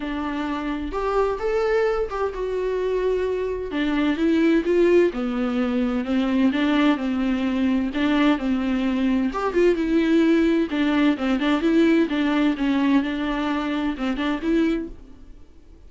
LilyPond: \new Staff \with { instrumentName = "viola" } { \time 4/4 \tempo 4 = 129 d'2 g'4 a'4~ | a'8 g'8 fis'2. | d'4 e'4 f'4 b4~ | b4 c'4 d'4 c'4~ |
c'4 d'4 c'2 | g'8 f'8 e'2 d'4 | c'8 d'8 e'4 d'4 cis'4 | d'2 c'8 d'8 e'4 | }